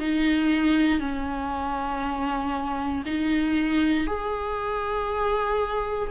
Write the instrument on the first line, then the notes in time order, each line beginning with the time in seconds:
viola
0.00 D#4
1.00 C#4
3.06 D#4
4.07 G#4